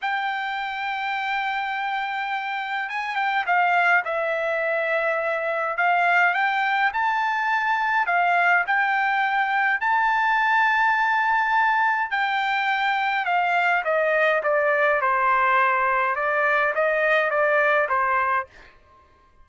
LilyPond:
\new Staff \with { instrumentName = "trumpet" } { \time 4/4 \tempo 4 = 104 g''1~ | g''4 gis''8 g''8 f''4 e''4~ | e''2 f''4 g''4 | a''2 f''4 g''4~ |
g''4 a''2.~ | a''4 g''2 f''4 | dis''4 d''4 c''2 | d''4 dis''4 d''4 c''4 | }